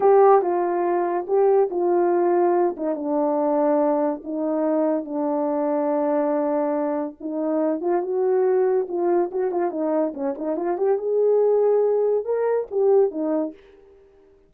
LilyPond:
\new Staff \with { instrumentName = "horn" } { \time 4/4 \tempo 4 = 142 g'4 f'2 g'4 | f'2~ f'8 dis'8 d'4~ | d'2 dis'2 | d'1~ |
d'4 dis'4. f'8 fis'4~ | fis'4 f'4 fis'8 f'8 dis'4 | cis'8 dis'8 f'8 g'8 gis'2~ | gis'4 ais'4 g'4 dis'4 | }